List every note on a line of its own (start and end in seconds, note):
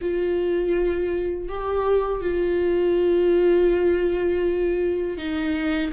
0.01 1.48 F4
1.48 2.21 G4
2.21 5.17 F4
5.17 5.91 D#4